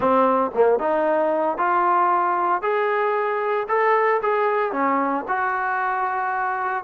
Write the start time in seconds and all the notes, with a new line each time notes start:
0.00 C4
0.54 A#3
0.79 D#4
1.57 F4
2.62 G#4
3.68 A4
4.22 G#4
4.72 C#4
5.28 F#4